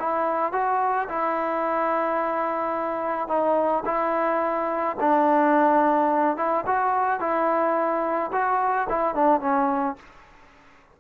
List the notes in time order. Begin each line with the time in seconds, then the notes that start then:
0.00 E4
0.53 F#4
1.09 E4
3.29 D#4
3.86 E4
5.00 D4
6.37 E4
6.67 F#4
7.20 E4
8.33 F#4
8.89 E4
9.15 D4
9.41 C#4